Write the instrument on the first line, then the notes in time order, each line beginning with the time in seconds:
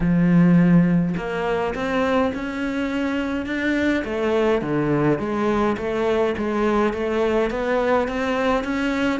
cello
0.00 F3
1.16 A#3
1.74 C4
2.34 C#4
3.45 D4
4.04 A3
4.61 D3
5.18 G#3
5.77 A3
6.37 G#3
6.93 A3
7.50 B3
8.08 C4
8.64 C#4